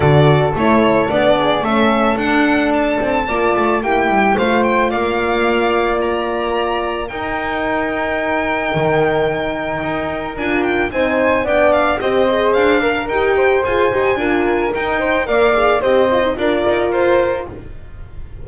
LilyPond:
<<
  \new Staff \with { instrumentName = "violin" } { \time 4/4 \tempo 4 = 110 d''4 cis''4 d''4 e''4 | fis''4 a''2 g''4 | f''8 g''8 f''2 ais''4~ | ais''4 g''2.~ |
g''2. gis''8 g''8 | gis''4 g''8 f''8 dis''4 f''4 | g''4 gis''2 g''4 | f''4 dis''4 d''4 c''4 | }
  \new Staff \with { instrumentName = "flute" } { \time 4/4 a'2~ a'8 gis'8 a'4~ | a'2 d''4 g'4 | c''4 d''2.~ | d''4 ais'2.~ |
ais'1 | c''4 d''4 c''4. ais'8~ | ais'8 c''4. ais'4. c''8 | d''4 c''4 ais'2 | }
  \new Staff \with { instrumentName = "horn" } { \time 4/4 fis'4 e'4 d'4 cis'4 | d'2 f'4 e'4 | f'1~ | f'4 dis'2.~ |
dis'2. f'4 | dis'4 d'4 g'8 gis'4 ais'8 | g'4 gis'8 g'8 f'4 dis'4 | ais'8 gis'8 g'8 f'16 dis'16 f'2 | }
  \new Staff \with { instrumentName = "double bass" } { \time 4/4 d4 a4 b4 a4 | d'4. c'8 ais8 a8 ais8 g8 | a4 ais2.~ | ais4 dis'2. |
dis2 dis'4 d'4 | c'4 b4 c'4 d'4 | dis'4 f'8 dis'8 d'4 dis'4 | ais4 c'4 d'8 dis'8 f'4 | }
>>